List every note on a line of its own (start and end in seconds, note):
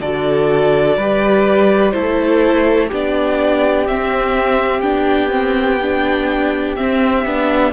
0.00 0.97 D3
0.00 0.99 F#4
0.00 0.97 A4
0.00 1.91 D5
0.97 1.93 G3
0.97 1.93 G4
0.97 1.94 B4
1.91 2.91 A3
1.91 2.90 E4
1.91 2.88 A4
1.91 2.88 C5
2.88 3.88 B3
2.88 3.88 D4
2.88 7.72 G4
2.94 3.88 D5
3.88 4.83 C4
3.88 4.82 C4
3.88 4.81 E5
4.81 6.76 B3
4.81 5.30 D4
4.81 6.75 G5
5.30 5.78 C4
5.82 6.77 D4
6.76 7.25 C4
6.76 7.73 E5
7.25 7.73 B3
7.25 7.73 D4